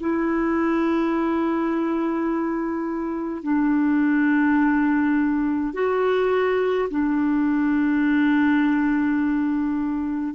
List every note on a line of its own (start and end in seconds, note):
0.00 3.43 E4
3.43 5.74 D4
5.74 6.89 F#4
6.90 10.35 D4